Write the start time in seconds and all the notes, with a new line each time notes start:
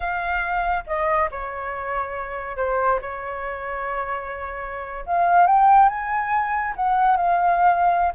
0.00 F5
0.86 D#5
1.31 C#5
2.56 C5
3.01 C#5
5.06 F5
5.46 G5
5.88 G#5
6.76 F#5
7.16 F5